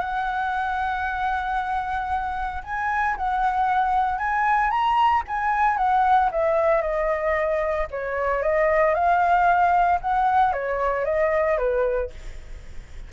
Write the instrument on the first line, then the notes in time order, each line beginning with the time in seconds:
flute
0.00 F#5
2.64 G#5
3.17 F#5
4.19 G#5
4.71 A#5
5.28 G#5
5.78 F#5
6.32 E5
6.82 D#5
7.91 C#5
8.43 D#5
8.95 F5
10.02 F#5
10.53 C#5
11.05 D#5
11.58 B4